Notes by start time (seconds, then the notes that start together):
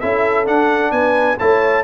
0.00 C#4 E4 A4 E5
0.45 D4 F#5
0.92 B3 B4 G#5
1.39 A3 E4 C#5 A5